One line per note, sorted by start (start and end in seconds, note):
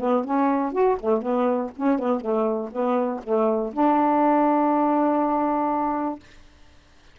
0.00 0.24 B3
0.24 0.72 C#4
0.72 0.97 F#4
1.00 1.22 A3
1.22 1.71 B3
1.76 1.99 C#4
1.99 2.20 B3
2.20 2.70 A3
2.72 3.21 B3
3.23 3.73 A3
3.73 6.19 D4